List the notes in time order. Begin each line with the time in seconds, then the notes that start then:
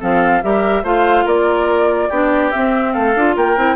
0.00 F3 C4 A4 F5
0.43 G3 G4 A#4 E5
0.83 A3 F4 C5 F5
1.25 A#3 A#4 D5
2.09 B3 D4 G4
2.51 C4 E5
2.93 A3 A4 F5
3.16 D4 F4
3.36 A#3 A#4 G5
3.57 C4 E4